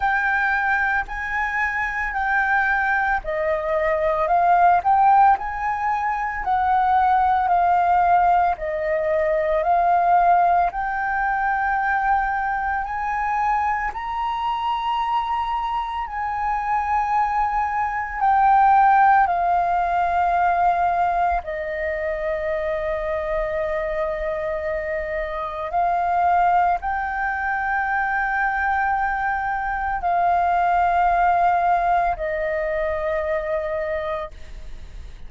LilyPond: \new Staff \with { instrumentName = "flute" } { \time 4/4 \tempo 4 = 56 g''4 gis''4 g''4 dis''4 | f''8 g''8 gis''4 fis''4 f''4 | dis''4 f''4 g''2 | gis''4 ais''2 gis''4~ |
gis''4 g''4 f''2 | dis''1 | f''4 g''2. | f''2 dis''2 | }